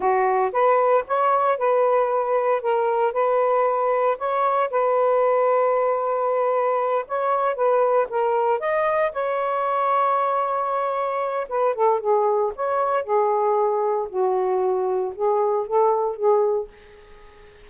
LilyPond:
\new Staff \with { instrumentName = "saxophone" } { \time 4/4 \tempo 4 = 115 fis'4 b'4 cis''4 b'4~ | b'4 ais'4 b'2 | cis''4 b'2.~ | b'4. cis''4 b'4 ais'8~ |
ais'8 dis''4 cis''2~ cis''8~ | cis''2 b'8 a'8 gis'4 | cis''4 gis'2 fis'4~ | fis'4 gis'4 a'4 gis'4 | }